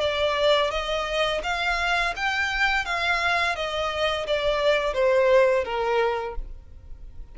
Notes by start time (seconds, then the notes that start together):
0.00 D5
0.71 D#5
1.43 F5
2.16 G5
2.85 F5
3.56 D#5
4.27 D5
4.94 C5
5.64 A#4